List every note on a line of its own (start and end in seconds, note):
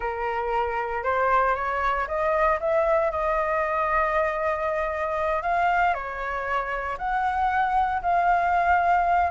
0.00 1.03 A#4
1.03 1.55 C5
1.55 2.07 C#5
2.07 2.59 D#5
2.60 3.11 E5
3.11 5.42 D#5
5.42 5.93 F5
5.93 6.97 C#5
6.98 8.01 F#5
8.01 9.30 F5